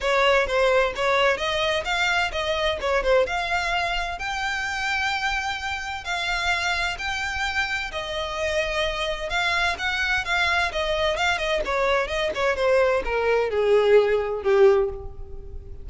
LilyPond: \new Staff \with { instrumentName = "violin" } { \time 4/4 \tempo 4 = 129 cis''4 c''4 cis''4 dis''4 | f''4 dis''4 cis''8 c''8 f''4~ | f''4 g''2.~ | g''4 f''2 g''4~ |
g''4 dis''2. | f''4 fis''4 f''4 dis''4 | f''8 dis''8 cis''4 dis''8 cis''8 c''4 | ais'4 gis'2 g'4 | }